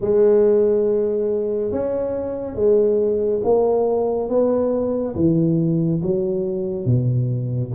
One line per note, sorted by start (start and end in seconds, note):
0.00 1.71 G#3
1.71 2.55 C#4
2.55 3.41 G#3
3.43 4.29 A#3
4.29 5.14 B3
5.15 6.01 E3
6.02 6.85 F#3
6.85 7.71 B2